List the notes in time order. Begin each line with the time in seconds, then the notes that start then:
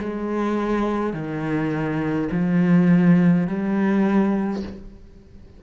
0.00 G#3
1.13 D#3
2.32 F3
3.48 G3